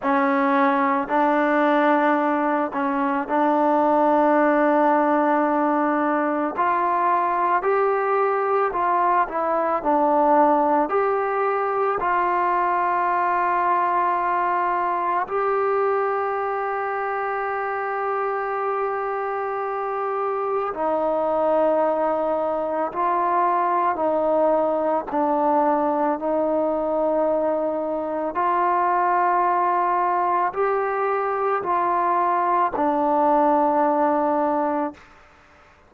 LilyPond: \new Staff \with { instrumentName = "trombone" } { \time 4/4 \tempo 4 = 55 cis'4 d'4. cis'8 d'4~ | d'2 f'4 g'4 | f'8 e'8 d'4 g'4 f'4~ | f'2 g'2~ |
g'2. dis'4~ | dis'4 f'4 dis'4 d'4 | dis'2 f'2 | g'4 f'4 d'2 | }